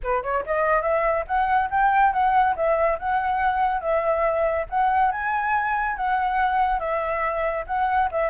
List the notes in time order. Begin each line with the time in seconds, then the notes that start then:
0.03 B4
0.22 C#5
0.45 D#5
0.82 E5
1.27 F#5
1.70 G5
2.12 F#5
2.55 E5
2.98 F#5
3.80 E5
4.69 F#5
5.11 G#5
5.96 F#5
6.79 E5
7.67 F#5
8.11 E5